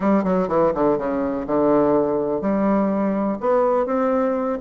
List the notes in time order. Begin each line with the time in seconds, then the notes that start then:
0.00 G3
0.24 F#3
0.48 E3
0.74 D3
0.98 C#3
1.46 D3
2.41 G3
3.40 B3
3.86 C4